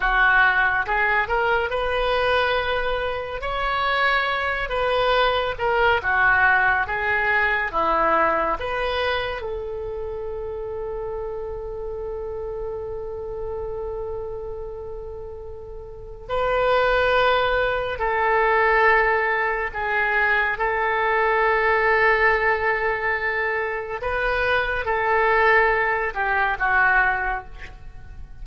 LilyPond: \new Staff \with { instrumentName = "oboe" } { \time 4/4 \tempo 4 = 70 fis'4 gis'8 ais'8 b'2 | cis''4. b'4 ais'8 fis'4 | gis'4 e'4 b'4 a'4~ | a'1~ |
a'2. b'4~ | b'4 a'2 gis'4 | a'1 | b'4 a'4. g'8 fis'4 | }